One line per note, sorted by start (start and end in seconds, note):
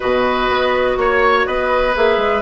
0.00 0.49 B2
0.00 1.93 F#4
0.00 0.96 B4
0.00 0.97 D#5
0.49 0.97 B3
0.97 1.46 A#3
0.97 1.46 C#5
1.46 1.95 B3
1.46 2.42 B4
1.46 1.95 D#5
1.94 2.17 A#3
1.94 2.42 G#4
1.94 2.42 E5
2.17 2.41 G#3